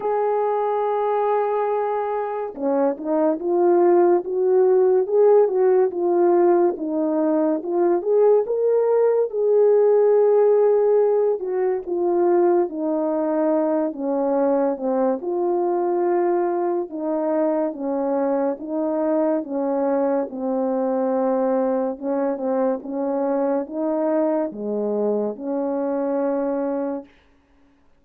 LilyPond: \new Staff \with { instrumentName = "horn" } { \time 4/4 \tempo 4 = 71 gis'2. cis'8 dis'8 | f'4 fis'4 gis'8 fis'8 f'4 | dis'4 f'8 gis'8 ais'4 gis'4~ | gis'4. fis'8 f'4 dis'4~ |
dis'8 cis'4 c'8 f'2 | dis'4 cis'4 dis'4 cis'4 | c'2 cis'8 c'8 cis'4 | dis'4 gis4 cis'2 | }